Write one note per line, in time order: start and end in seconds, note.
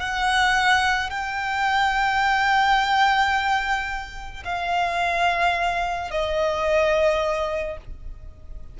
0.00 1.10 F#5
1.10 4.43 G5
4.44 6.11 F5
6.11 7.77 D#5